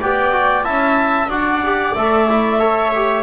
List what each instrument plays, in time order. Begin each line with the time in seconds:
0.00 double bass B3, trombone G4, viola D5, clarinet G5
0.32 trombone F#4
0.63 double bass C#4, trombone E4, viola E5, clarinet A5
1.27 double bass D4, trombone F#4, viola D5, clarinet F#5
1.62 trombone G4
1.94 double bass A3, trombone A4, clarinet E5
2.29 trombone E4
2.59 trombone A4, viola C#5
2.95 trombone G4